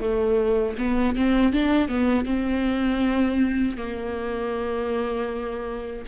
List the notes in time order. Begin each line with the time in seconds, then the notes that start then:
0.00 A3
0.78 B3
1.16 C4
1.53 D4
1.88 B3
2.25 C4
3.77 A#3